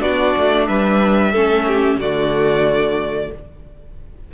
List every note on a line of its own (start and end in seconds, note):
0.00 0.34 B3
0.00 1.32 D4
0.00 0.67 F#4
0.00 0.67 D5
0.38 0.69 A3
0.67 1.33 G3
0.67 1.32 B4
0.67 1.99 E5
1.32 1.97 A3
1.32 2.02 C#4
1.32 1.65 A4
1.67 2.00 G4
1.97 3.29 D3
1.97 3.34 A3
1.97 3.32 F#4
1.97 3.32 D5